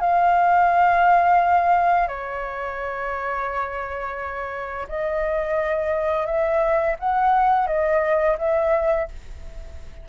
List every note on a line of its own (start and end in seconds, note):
0.00 2.08 F5
2.08 4.87 C#5
4.88 6.26 D#5
6.26 6.95 E5
6.99 7.67 F#5
7.67 8.37 D#5
8.38 9.08 E5